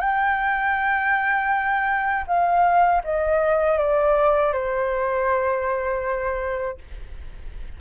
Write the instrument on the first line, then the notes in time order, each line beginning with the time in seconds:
flute
0.00 G5
2.27 F5
3.04 D#5
3.78 D5
4.53 C5